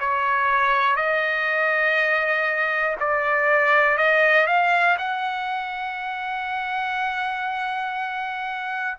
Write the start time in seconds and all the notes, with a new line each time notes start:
0.00 C#5
0.96 D#5
3.00 D5
3.98 D#5
4.47 F5
4.98 F#5